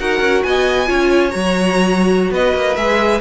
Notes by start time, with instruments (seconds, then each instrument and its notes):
0.00 cello D#4, viola F#4, violin A#4 F#5
0.21 cello C#4
0.43 cello B3, violin D#5 G#5
0.86 cello C#4, viola F4, violin C#5
1.31 cello F#3, viola F#4, violin A#5
2.31 cello B3, violin B4 D#5
2.55 cello A#3
2.77 cello G#3, viola G#4, violin E5